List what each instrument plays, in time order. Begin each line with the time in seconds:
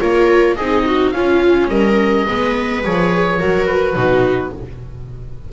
0.00 double bass A#3, viola F4 A#4, oboe C#5
0.56 double bass C4, viola D#4 G#4, oboe D#5
0.86 viola F#4
1.11 double bass C#4, viola C#4 F4, oboe F5
1.68 double bass G3, viola A#4, oboe D#5
2.27 double bass G#3, viola B3 B4
2.84 double bass F3, viola G#4, oboe C#5
3.39 double bass F#3, viola F#4 A#4
3.67 oboe B4
3.96 double bass B2, viola D#4 F#4